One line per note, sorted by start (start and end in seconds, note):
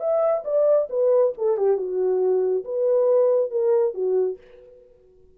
0.00 0.43 E5
0.45 0.88 D5
0.90 1.33 B4
1.38 1.58 A4
1.58 1.77 G4
1.77 2.64 F#4
2.65 3.51 B4
3.51 3.94 A#4
3.94 4.38 F#4